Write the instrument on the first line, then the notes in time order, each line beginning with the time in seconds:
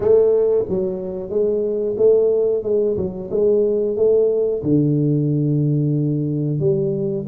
tuba
0.00 A3
0.68 F#3
1.29 G#3
1.97 A3
2.63 G#3
2.97 F#3
3.30 G#3
3.96 A3
4.62 D3
6.59 G3